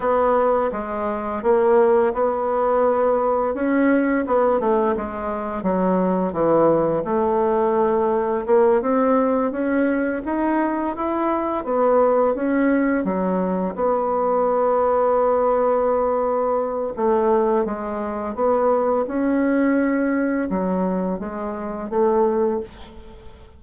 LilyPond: \new Staff \with { instrumentName = "bassoon" } { \time 4/4 \tempo 4 = 85 b4 gis4 ais4 b4~ | b4 cis'4 b8 a8 gis4 | fis4 e4 a2 | ais8 c'4 cis'4 dis'4 e'8~ |
e'8 b4 cis'4 fis4 b8~ | b1 | a4 gis4 b4 cis'4~ | cis'4 fis4 gis4 a4 | }